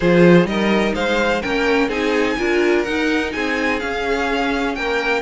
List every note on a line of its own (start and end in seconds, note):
0.00 0.45 F3
0.00 0.45 F4
0.00 0.48 G#4
0.00 0.46 C5
0.45 0.92 G3
0.45 1.40 D#4
0.45 0.94 A#4
0.45 0.94 D#5
0.94 1.42 G#3
0.94 1.42 C5
0.94 1.42 F5
1.42 1.88 A#3
1.42 1.89 C#4
1.42 1.88 A#4
1.42 1.89 G5
1.88 2.36 C4
1.88 2.37 D#4
1.88 2.36 G#4
1.88 2.83 G#5
2.37 2.86 D4
2.37 2.85 F4
2.37 3.33 A#4
2.83 3.80 D#4
2.83 3.34 D#4
2.83 3.31 F#5
3.32 3.82 C4
3.32 4.77 G#4
3.32 3.79 G#5
3.79 5.22 C#4
3.79 4.77 C#4
3.79 4.74 F5
4.74 5.22 A#3
4.74 5.22 A#4
4.74 5.22 G5